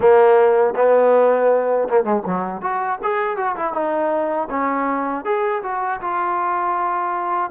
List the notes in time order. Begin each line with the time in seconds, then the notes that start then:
0.00 A#3
0.76 B3
1.88 A#3
2.04 G#3
2.25 F#3
2.61 F#4
3.02 G#4
3.36 F#4
3.56 E4
3.73 D#4
4.50 C#4
5.24 G#4
5.62 F#4
6.00 F4